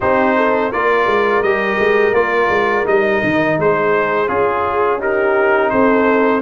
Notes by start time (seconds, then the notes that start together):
0.00 C4 D#4 G4 C5
0.36 A4
0.70 A#3 F4 A#4 D5
1.06 G#3
1.42 G3 G4 D#5
1.79 G#3
2.12 A#3 F4 D5
2.49 G#3
2.85 G3 D#4 D#5
3.23 D#3
3.58 G#3 G#4 C5
4.27 C#4 F4 G#4
4.99 D#4 G4 A#4
5.69 C4 A4 C5